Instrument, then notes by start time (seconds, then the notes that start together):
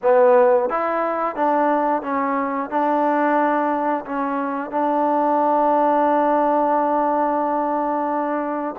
trombone
0.02 B3
0.69 E4
1.35 D4
2.02 C#4
2.70 D4
4.04 C#4
4.70 D4